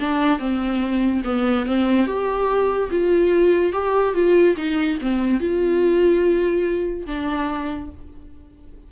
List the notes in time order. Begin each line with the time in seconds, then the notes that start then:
0.00 D4
0.39 C4
1.24 B3
1.66 C4
2.07 G4
2.91 F4
3.73 G4
4.14 F4
4.57 D#4
5.01 C4
5.40 F4
7.07 D4